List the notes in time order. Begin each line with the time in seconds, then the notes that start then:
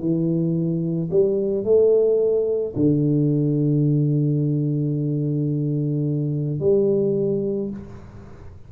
0.00 E3
1.11 G3
1.64 A3
2.76 D3
6.60 G3